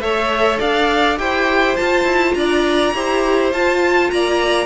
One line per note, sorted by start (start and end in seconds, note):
0.00 0.58 A3
0.00 1.17 A4
0.00 0.59 C#5
0.00 0.58 E5
0.59 1.19 D4
0.59 1.17 D5
0.59 1.18 F5
1.17 1.77 E4
1.17 1.75 G4
1.17 2.36 C5
1.17 1.75 G5
1.75 2.94 F4
1.75 2.04 F4
1.75 2.34 A5
2.04 2.33 E4
2.34 2.93 D4
2.34 2.94 D5
2.34 3.50 A#5
2.94 3.52 E4
2.94 3.52 G4
2.94 4.11 C5
3.52 4.10 F4
3.52 4.65 F4
3.52 4.10 A5
4.10 4.65 A#3
4.10 4.65 D5
4.10 4.65 A#5